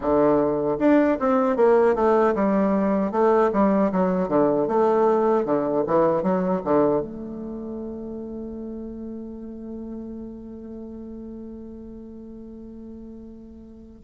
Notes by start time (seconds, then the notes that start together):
0.00 D3
0.79 D4
1.19 C4
1.56 A#3
1.95 A3
2.34 G3
3.11 A3
3.52 G3
3.92 F#3
4.28 D3
4.68 A3
5.45 D3
5.86 E3
6.22 F#3
6.64 D3
7.00 A3